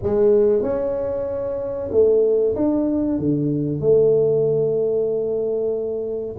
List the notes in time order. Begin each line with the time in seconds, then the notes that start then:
0.02 G#3
0.62 C#4
1.91 A3
2.55 D4
3.18 D3
3.80 A3